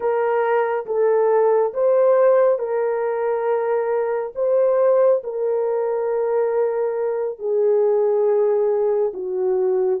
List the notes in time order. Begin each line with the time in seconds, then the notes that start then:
0.00 A#4
0.86 A4
1.73 C5
2.58 A#4
4.35 C5
5.23 A#4
7.38 G#4
9.13 F#4